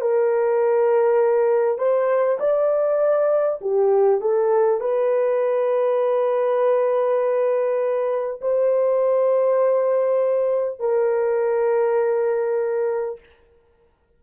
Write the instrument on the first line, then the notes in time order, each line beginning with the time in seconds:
horn
0.00 A#4
1.78 C5
2.39 D5
3.61 G4
4.21 A4
4.80 B4
8.41 C5
10.79 A#4